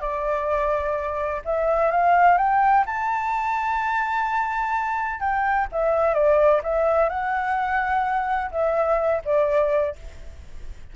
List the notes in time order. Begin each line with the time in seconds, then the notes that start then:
0.00 D5
1.45 E5
1.91 F5
2.37 G5
2.86 A5
5.20 G5
5.72 E5
6.14 D5
6.63 E5
7.09 F#5
8.51 E5
9.24 D5